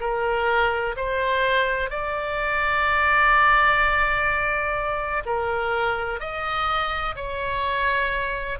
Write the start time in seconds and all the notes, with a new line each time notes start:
0.00 A#4
0.96 C5
1.90 D5
5.26 A#4
6.20 D#5
7.16 C#5